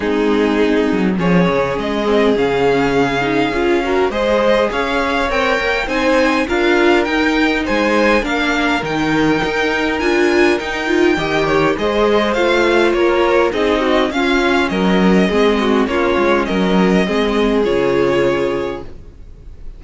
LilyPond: <<
  \new Staff \with { instrumentName = "violin" } { \time 4/4 \tempo 4 = 102 gis'2 cis''4 dis''4 | f''2. dis''4 | f''4 g''4 gis''4 f''4 | g''4 gis''4 f''4 g''4~ |
g''4 gis''4 g''2 | dis''4 f''4 cis''4 dis''4 | f''4 dis''2 cis''4 | dis''2 cis''2 | }
  \new Staff \with { instrumentName = "violin" } { \time 4/4 dis'2 gis'2~ | gis'2~ gis'8 ais'8 c''4 | cis''2 c''4 ais'4~ | ais'4 c''4 ais'2~ |
ais'2. dis''8 cis''8 | c''2 ais'4 gis'8 fis'8 | f'4 ais'4 gis'8 fis'8 f'4 | ais'4 gis'2. | }
  \new Staff \with { instrumentName = "viola" } { \time 4/4 c'2 cis'4. c'8 | cis'4. dis'8 f'8 fis'8 gis'4~ | gis'4 ais'4 dis'4 f'4 | dis'2 d'4 dis'4~ |
dis'4 f'4 dis'8 f'8 g'4 | gis'4 f'2 dis'4 | cis'2 c'4 cis'4~ | cis'4 c'4 f'2 | }
  \new Staff \with { instrumentName = "cello" } { \time 4/4 gis4. fis8 f8 cis8 gis4 | cis2 cis'4 gis4 | cis'4 c'8 ais8 c'4 d'4 | dis'4 gis4 ais4 dis4 |
dis'4 d'4 dis'4 dis4 | gis4 a4 ais4 c'4 | cis'4 fis4 gis4 ais8 gis8 | fis4 gis4 cis2 | }
>>